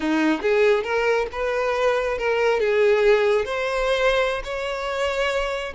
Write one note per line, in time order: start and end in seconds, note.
0.00 0.40 D#4
0.42 0.83 G#4
0.83 1.27 A#4
1.32 2.18 B4
2.18 2.60 A#4
2.60 3.45 G#4
3.45 4.42 C5
4.43 5.73 C#5